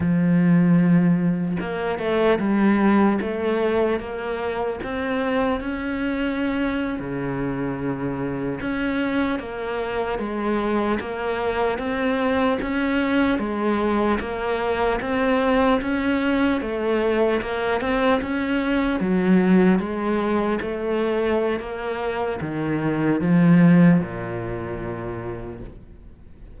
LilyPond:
\new Staff \with { instrumentName = "cello" } { \time 4/4 \tempo 4 = 75 f2 ais8 a8 g4 | a4 ais4 c'4 cis'4~ | cis'8. cis2 cis'4 ais16~ | ais8. gis4 ais4 c'4 cis'16~ |
cis'8. gis4 ais4 c'4 cis'16~ | cis'8. a4 ais8 c'8 cis'4 fis16~ | fis8. gis4 a4~ a16 ais4 | dis4 f4 ais,2 | }